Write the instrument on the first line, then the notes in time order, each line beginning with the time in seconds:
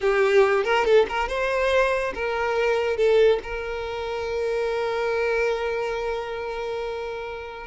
violin
0.00 G4
0.64 A#4
0.84 A4
1.08 A#4
1.28 C5
2.14 A#4
2.96 A4
3.43 A#4